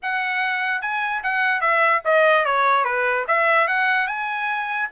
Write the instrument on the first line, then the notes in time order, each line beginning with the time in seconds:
trumpet
0.02 F#5
0.81 G#5
1.23 F#5
1.60 E5
2.04 D#5
2.45 C#5
2.84 B4
3.27 E5
3.67 F#5
4.07 G#5